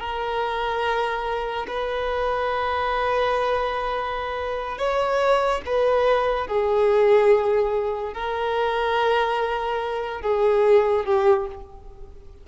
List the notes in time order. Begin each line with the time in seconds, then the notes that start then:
0.00 A#4
1.67 B4
4.78 C#5
5.66 B4
6.47 G#4
8.14 A#4
10.22 G#4
11.06 G4